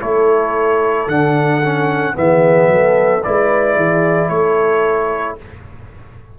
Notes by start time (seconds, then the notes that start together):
0.00 A3 E4 A4 C#5
1.07 D3 D4 F#5
1.63 C#4
2.14 E3 B3 E5
2.20 G#4
2.67 F#3 A4
3.23 G#3 E4 B4 D5
3.75 E3 G#4
4.29 A3 A4 C#5